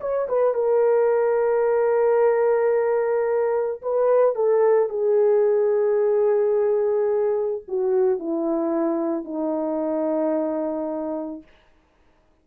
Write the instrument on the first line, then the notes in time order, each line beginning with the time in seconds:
horn
0.00 C#5
0.28 B4
0.54 A#4
3.81 B4
4.35 A4
4.89 G#4
7.68 F#4
8.19 E4
9.24 D#4